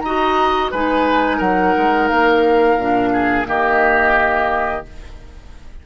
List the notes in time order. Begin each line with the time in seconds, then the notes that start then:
0.00 D#4 F#4 D#5 A#5
0.71 G#3 D#4 B4 G#5
1.37 F#3 A#4 F#5
1.77 G#3
2.08 A#3 F5
2.77 A#2 D4
3.13 G#4
3.45 D#3 A#3 G4 D#5